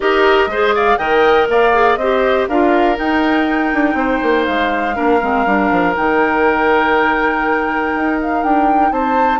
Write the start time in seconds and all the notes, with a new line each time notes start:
0.00 D#4 G4 A#4 D#5
0.46 G#3 G#4 C5
0.74 D5 F5
0.97 D#3 A#4 D#5 G5
1.48 A#3 D5 F5
1.72 G#4
1.96 C4 G4 C5 D#5
2.48 D4 F4 A#4 F5
2.95 D#4 G5
3.73 D4
3.94 C4 C5
4.22 A#3
4.45 G#3 F5
4.94 A#3 D4 A#4
5.21 G#3 C4
5.45 G3 D4
5.70 F3
5.95 D#3 D#4 G5
7.94 D#4
8.21 F5
8.43 D4 G5
8.91 C4 C5 A5